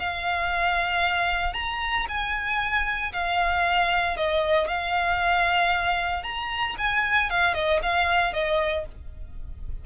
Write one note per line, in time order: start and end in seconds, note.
0.00 1.54 F5
1.54 2.06 A#5
2.09 3.13 G#5
3.13 4.17 F5
4.17 4.68 D#5
4.68 6.24 F5
6.24 6.76 A#5
6.79 7.30 G#5
7.30 7.55 F5
7.55 7.81 D#5
7.83 8.34 F5
8.34 8.86 D#5